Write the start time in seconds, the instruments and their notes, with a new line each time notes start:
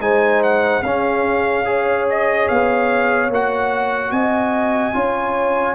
0.00 tuba G#3, trombone D#4, horn C5, trumpet G#5
0.43 trumpet F#5
0.83 tuba C#4, trombone C#4, horn G#4, trumpet F5
1.65 trombone G#4, horn C#5
2.10 trumpet D#5
2.48 tuba B3, trumpet F5
3.30 tuba A#3, trombone F#4, trumpet F#5
4.12 tuba C4, horn D#5, trumpet G#5
4.94 tuba C#4, trombone F4, horn C#5